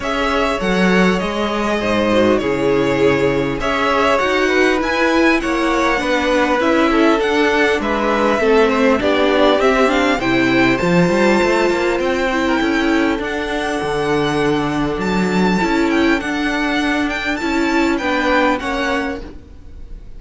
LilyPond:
<<
  \new Staff \with { instrumentName = "violin" } { \time 4/4 \tempo 4 = 100 e''4 fis''4 dis''2 | cis''2 e''4 fis''4 | gis''4 fis''2 e''4 | fis''4 e''2 d''4 |
e''8 f''8 g''4 a''2 | g''2 fis''2~ | fis''4 a''4. g''8 fis''4~ | fis''8 g''8 a''4 g''4 fis''4 | }
  \new Staff \with { instrumentName = "violin" } { \time 4/4 cis''2. c''4 | gis'2 cis''4. b'8~ | b'4 cis''4 b'4. a'8~ | a'4 b'4 a'8 c''8 g'4~ |
g'4 c''2.~ | c''8. ais'16 a'2.~ | a'1~ | a'2 b'4 cis''4 | }
  \new Staff \with { instrumentName = "viola" } { \time 4/4 gis'4 a'4 gis'4. fis'8 | e'2 gis'4 fis'4 | e'2 d'4 e'4 | d'2 c'4 d'4 |
c'8 d'8 e'4 f'2~ | f'8 e'4. d'2~ | d'2 e'4 d'4~ | d'4 e'4 d'4 cis'4 | }
  \new Staff \with { instrumentName = "cello" } { \time 4/4 cis'4 fis4 gis4 gis,4 | cis2 cis'4 dis'4 | e'4 ais4 b4 cis'4 | d'4 gis4 a4 b4 |
c'4 c4 f8 g8 a8 ais8 | c'4 cis'4 d'4 d4~ | d4 fis4 cis'4 d'4~ | d'4 cis'4 b4 ais4 | }
>>